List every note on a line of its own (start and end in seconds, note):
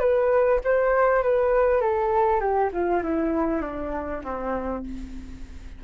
0.00 0.60 B4
0.64 1.23 C5
1.23 1.81 B4
1.81 2.41 A4
2.41 2.71 G4
2.73 3.03 F4
3.03 3.62 E4
3.62 4.22 D4
4.24 4.84 C4